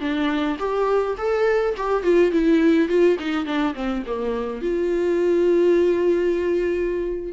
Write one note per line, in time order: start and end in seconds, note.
0.00 0.57 D4
0.59 1.16 G4
1.18 1.75 A4
1.77 2.03 G4
2.03 2.32 F4
2.32 2.89 E4
2.89 3.17 F4
3.19 3.46 D#4
3.46 3.74 D4
3.75 4.03 C4
4.06 4.62 A#3
4.62 7.33 F4